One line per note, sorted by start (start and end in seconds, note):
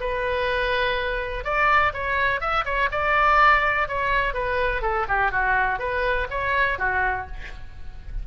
0.00 1.44 B4
1.44 1.92 D5
1.93 2.40 C#5
2.40 2.64 E5
2.65 2.89 C#5
2.91 3.88 D5
3.88 4.34 C#5
4.34 4.81 B4
4.81 5.06 A4
5.08 5.31 G4
5.31 5.79 F#4
5.79 6.27 B4
6.30 6.78 C#5
6.78 7.26 F#4